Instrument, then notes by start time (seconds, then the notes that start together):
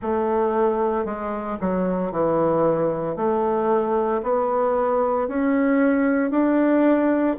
bassoon
0.01 A3
1.05 G#3
1.61 F#3
2.11 E3
3.16 A3
4.22 B3
5.28 C#4
6.30 D4